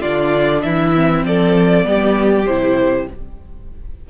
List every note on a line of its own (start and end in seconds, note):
0.00 0.65 D3
0.00 0.95 D4
0.00 0.61 F4
0.00 0.62 D5
0.62 1.24 E3
0.62 1.26 E4
0.62 1.24 E5
0.95 1.84 C4
1.24 1.85 F3
1.24 1.86 A4
1.24 2.46 D5
1.84 2.46 G3
1.84 2.45 B3
1.84 3.08 G4
2.46 3.07 C3
2.46 3.10 E4
2.46 3.07 C5